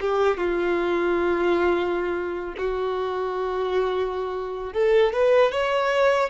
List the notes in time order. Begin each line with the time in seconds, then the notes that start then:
0.00 G4
0.37 F4
2.57 F#4
4.73 A4
5.12 B4
5.52 C#5